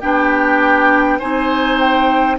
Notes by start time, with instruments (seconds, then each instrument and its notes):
0.00 bassoon B3, clarinet D4, oboe G4, flute G5
1.19 bassoon C4, clarinet D#4, oboe C5, flute G#5
1.79 flute G5